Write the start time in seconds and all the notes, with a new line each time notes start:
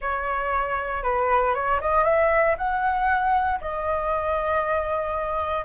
0.01 C#5
1.03 B4
1.54 C#5
1.80 D#5
2.04 E5
2.57 F#5
3.60 D#5